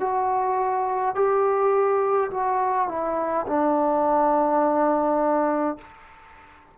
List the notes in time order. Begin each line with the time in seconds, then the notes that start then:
0.00 F#4
1.15 G4
2.31 F#4
2.88 E4
3.47 D4